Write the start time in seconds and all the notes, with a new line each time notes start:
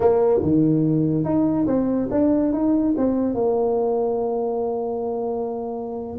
0.00 A#3
0.42 D#3
1.24 D#4
1.66 C4
2.10 D4
2.53 D#4
2.97 C4
3.34 A#3